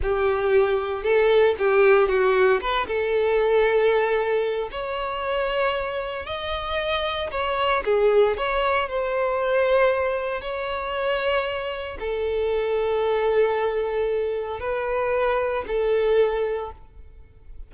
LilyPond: \new Staff \with { instrumentName = "violin" } { \time 4/4 \tempo 4 = 115 g'2 a'4 g'4 | fis'4 b'8 a'2~ a'8~ | a'4 cis''2. | dis''2 cis''4 gis'4 |
cis''4 c''2. | cis''2. a'4~ | a'1 | b'2 a'2 | }